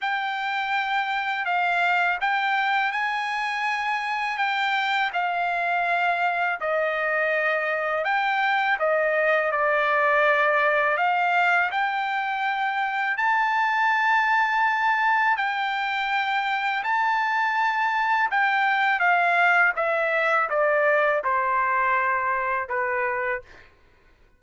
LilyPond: \new Staff \with { instrumentName = "trumpet" } { \time 4/4 \tempo 4 = 82 g''2 f''4 g''4 | gis''2 g''4 f''4~ | f''4 dis''2 g''4 | dis''4 d''2 f''4 |
g''2 a''2~ | a''4 g''2 a''4~ | a''4 g''4 f''4 e''4 | d''4 c''2 b'4 | }